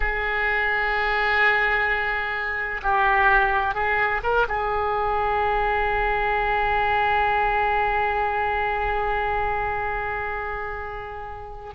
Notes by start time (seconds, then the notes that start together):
0.00 G#4
2.82 G4
3.74 G#4
4.23 A#4
4.48 G#4